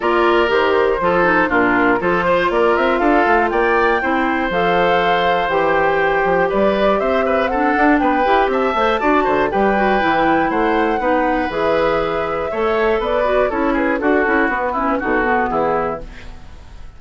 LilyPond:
<<
  \new Staff \with { instrumentName = "flute" } { \time 4/4 \tempo 4 = 120 d''4 c''2 ais'4 | c''4 d''8 e''8 f''4 g''4~ | g''4 f''2 g''4~ | g''4 d''4 e''4 fis''4 |
g''4 a''2 g''4~ | g''4 fis''2 e''4~ | e''2 d''4 cis''8 b'8 | a'4 b'4 a'4 gis'4 | }
  \new Staff \with { instrumentName = "oboe" } { \time 4/4 ais'2 a'4 f'4 | a'8 c''8 ais'4 a'4 d''4 | c''1~ | c''4 b'4 c''8 b'8 a'4 |
b'4 e''4 d''8 c''8 b'4~ | b'4 c''4 b'2~ | b'4 cis''4 b'4 a'8 gis'8 | fis'4. e'8 fis'4 e'4 | }
  \new Staff \with { instrumentName = "clarinet" } { \time 4/4 f'4 g'4 f'8 dis'8 d'4 | f'1 | e'4 a'2 g'4~ | g'2. d'4~ |
d'8 g'4 c''8 fis'4 g'8 fis'8 | e'2 dis'4 gis'4~ | gis'4 a'4. fis'8 e'4 | fis'8 e'8 b8 cis'8 dis'8 b4. | }
  \new Staff \with { instrumentName = "bassoon" } { \time 4/4 ais4 dis4 f4 ais,4 | f4 ais8 c'8 d'8 a8 ais4 | c'4 f2 e4~ | e8 f8 g4 c'4. d'8 |
b8 e'8 c'8 a8 d'8 d8 g4 | e4 a4 b4 e4~ | e4 a4 b4 cis'4 | d'8 cis'8 b4 b,4 e4 | }
>>